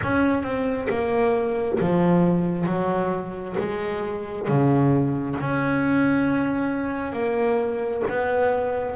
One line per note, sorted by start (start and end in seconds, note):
0.02 0.42 C#4
0.42 0.87 C4
0.89 1.78 A#3
1.80 2.66 F3
2.66 3.55 F#3
3.58 4.48 G#3
4.48 5.37 C#3
5.40 7.12 C#4
7.12 8.02 A#3
8.08 8.96 B3